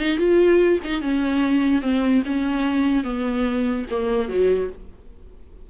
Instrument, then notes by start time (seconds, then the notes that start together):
viola
0.00 D#4
0.18 F4
0.85 D#4
1.02 C#4
1.82 C4
2.26 C#4
3.04 B3
3.91 A#3
4.29 F#3